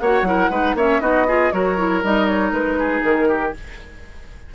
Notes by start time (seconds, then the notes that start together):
0.00 A#3 F#4 C#5 F#5
0.22 F#3 E4 A#4
0.51 G#3 D#4 B4
0.75 A#3 C#4 C#5 E5
1.01 B3 D#4 F#4 D#5
1.28 F4 G#4
1.52 F#3 F#4 A#4 C#5
1.77 E4
2.03 G3 D#4 D#5
2.28 C#5
2.52 G#3 B4
2.79 G#4
3.03 D#3 A#4
3.29 G4